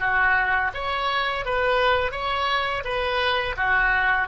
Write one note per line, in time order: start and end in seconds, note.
0.00 0.71 F#4
0.74 1.45 C#5
1.46 2.12 B4
2.12 2.83 C#5
2.84 3.56 B4
3.57 4.28 F#4